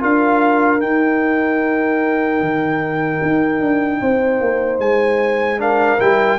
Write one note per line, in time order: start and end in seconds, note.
0.00 0.83 D4
0.00 0.80 F4
0.00 4.01 A#4
0.00 0.81 F5
0.80 5.59 D#4
0.80 2.41 D#4
0.80 4.80 G5
2.41 3.21 D#3
3.23 3.61 D#4
3.61 4.01 D4
4.02 4.41 C4
4.02 5.62 C5
4.41 4.79 A#3
4.79 5.99 G#3
4.79 5.60 G#5
5.59 5.99 D4
5.59 6.40 A#4
5.59 6.01 F5
5.99 6.40 G3
5.99 6.39 E4
5.99 6.40 G5